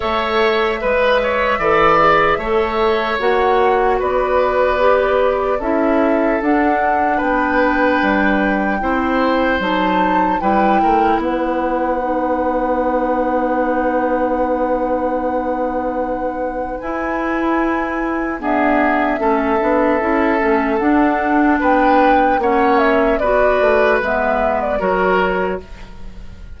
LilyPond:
<<
  \new Staff \with { instrumentName = "flute" } { \time 4/4 \tempo 4 = 75 e''1 | fis''4 d''2 e''4 | fis''4 g''2. | a''4 g''4 fis''2~ |
fis''1~ | fis''4 gis''2 e''4~ | e''2 fis''4 g''4 | fis''8 e''8 d''4 e''8. d''16 cis''4 | }
  \new Staff \with { instrumentName = "oboe" } { \time 4/4 cis''4 b'8 cis''8 d''4 cis''4~ | cis''4 b'2 a'4~ | a'4 b'2 c''4~ | c''4 b'8 ais'8 b'2~ |
b'1~ | b'2. gis'4 | a'2. b'4 | cis''4 b'2 ais'4 | }
  \new Staff \with { instrumentName = "clarinet" } { \time 4/4 a'4 b'4 a'8 gis'8 a'4 | fis'2 g'4 e'4 | d'2. e'4 | dis'4 e'2 dis'4~ |
dis'1~ | dis'4 e'2 b4 | cis'8 d'8 e'8 cis'8 d'2 | cis'4 fis'4 b4 fis'4 | }
  \new Staff \with { instrumentName = "bassoon" } { \time 4/4 a4 gis4 e4 a4 | ais4 b2 cis'4 | d'4 b4 g4 c'4 | fis4 g8 a8 b2~ |
b1~ | b4 e'2 d'4 | a8 b8 cis'8 a8 d'4 b4 | ais4 b8 a8 gis4 fis4 | }
>>